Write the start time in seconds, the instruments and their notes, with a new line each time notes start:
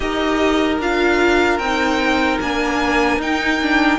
0.00 cello D#4, viola G4, violin A#4 D#5
0.79 cello D4, viola F4, violin F5
1.58 cello C4, violin G5
1.64 viola D#4
2.40 cello A#3, viola D4, violin G#5
3.17 cello D#4, viola D#4, violin G5
3.62 viola D4